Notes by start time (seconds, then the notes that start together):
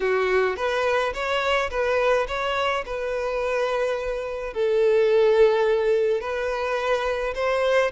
0.00 F#4
0.56 B4
1.13 C#5
1.70 B4
2.27 C#5
2.85 B4
4.53 A4
6.20 B4
7.34 C5